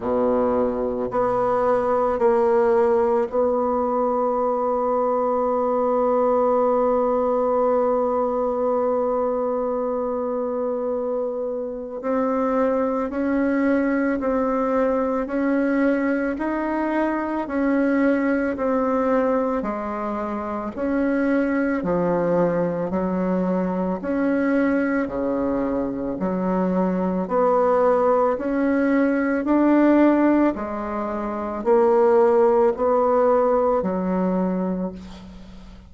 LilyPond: \new Staff \with { instrumentName = "bassoon" } { \time 4/4 \tempo 4 = 55 b,4 b4 ais4 b4~ | b1~ | b2. c'4 | cis'4 c'4 cis'4 dis'4 |
cis'4 c'4 gis4 cis'4 | f4 fis4 cis'4 cis4 | fis4 b4 cis'4 d'4 | gis4 ais4 b4 fis4 | }